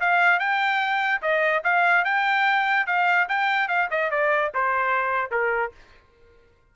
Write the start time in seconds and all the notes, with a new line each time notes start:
0.00 F5
0.39 G5
1.22 D#5
1.63 F5
2.04 G5
2.86 F5
3.28 G5
3.68 F5
3.90 D#5
4.10 D5
4.54 C5
5.31 A#4